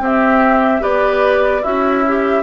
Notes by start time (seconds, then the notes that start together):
0.00 C4 G4 E5
0.81 B3 G4 B4 D5
1.62 C#4 E4 F#4 E5
2.08 G4